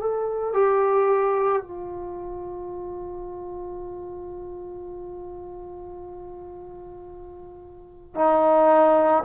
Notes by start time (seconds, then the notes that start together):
0.00 A4
0.54 G4
1.62 F4
8.15 D#4